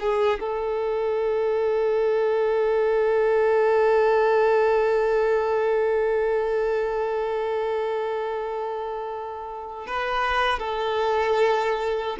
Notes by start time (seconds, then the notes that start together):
0.00 G#4
0.39 A4
9.87 B4
10.59 A4